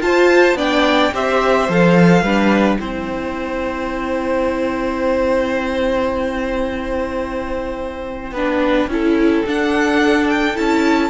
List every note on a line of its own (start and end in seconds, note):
0.00 0.54 F4
0.00 0.57 F4
0.00 0.57 C5
0.00 0.57 A5
0.54 1.09 B3
0.54 1.12 D4
0.54 1.13 D5
0.54 1.14 G5
1.13 1.69 C4
1.13 1.69 G4
1.13 2.22 C5
1.13 1.71 E5
1.69 2.22 F3
1.69 2.25 A4
1.69 2.79 F5
2.22 2.77 G3
2.22 2.79 D4
2.22 2.78 B4
2.79 8.31 C4
2.79 8.35 E4
2.79 8.33 C5
2.79 9.45 G5
8.31 8.87 B3
8.31 8.90 D4
8.31 8.89 B4
8.87 9.43 C#4
8.87 9.46 E4
8.87 11.10 A4
9.46 10.57 D4
9.46 10.55 D4
9.46 10.29 F#5
10.29 10.57 G5
10.55 11.10 C#4
10.55 11.10 E4
10.55 11.10 A5